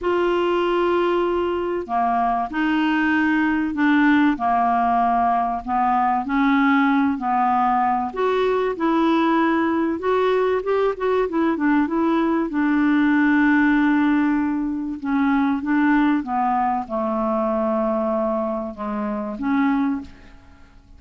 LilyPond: \new Staff \with { instrumentName = "clarinet" } { \time 4/4 \tempo 4 = 96 f'2. ais4 | dis'2 d'4 ais4~ | ais4 b4 cis'4. b8~ | b4 fis'4 e'2 |
fis'4 g'8 fis'8 e'8 d'8 e'4 | d'1 | cis'4 d'4 b4 a4~ | a2 gis4 cis'4 | }